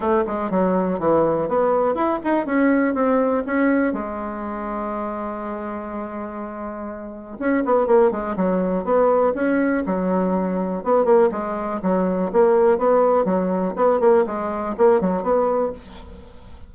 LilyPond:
\new Staff \with { instrumentName = "bassoon" } { \time 4/4 \tempo 4 = 122 a8 gis8 fis4 e4 b4 | e'8 dis'8 cis'4 c'4 cis'4 | gis1~ | gis2. cis'8 b8 |
ais8 gis8 fis4 b4 cis'4 | fis2 b8 ais8 gis4 | fis4 ais4 b4 fis4 | b8 ais8 gis4 ais8 fis8 b4 | }